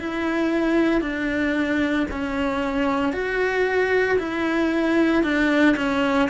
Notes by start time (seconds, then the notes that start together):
0.00 E4
1.01 D4
2.11 C#4
3.13 F#4
4.19 E4
5.23 D4
5.76 C#4